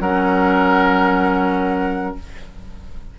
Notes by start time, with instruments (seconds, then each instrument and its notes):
0.00 bassoon F#3, clarinet C#4, oboe A#4, flute F#5